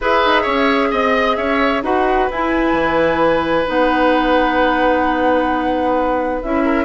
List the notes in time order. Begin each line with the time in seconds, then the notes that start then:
0.00 E4 G#4 B4 E5
0.25 D#4
0.42 C#4 C#5
0.91 C4 D#5
1.36 C#4 C#5 E5
1.82 D#4 F#4 B4 F#5
2.30 E4 G#5
2.72 E3
3.66 B3 D#4 F#5
6.42 C#4 E4 E5
6.64 A#4